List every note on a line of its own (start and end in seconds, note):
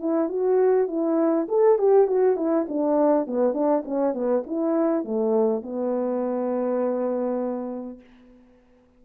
0.00 0.29 E4
0.29 0.88 F#4
0.88 1.47 E4
1.49 1.78 A4
1.78 2.07 G4
2.07 2.37 F#4
2.37 2.67 E4
2.69 3.27 D4
3.27 3.54 B3
3.54 3.84 D4
3.85 4.14 C#4
4.14 4.44 B3
4.47 5.05 E4
5.05 5.63 A3
5.63 8.00 B3